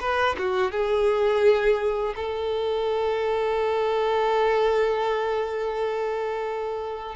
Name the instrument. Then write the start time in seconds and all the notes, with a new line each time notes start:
violin
0.00 B4
0.38 F#4
0.71 G#4
2.16 A4